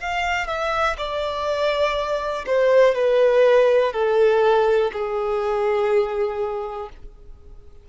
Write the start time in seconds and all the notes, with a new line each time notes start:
0.00 F5
0.47 E5
0.98 D5
2.47 C5
2.95 B4
3.93 A4
4.93 G#4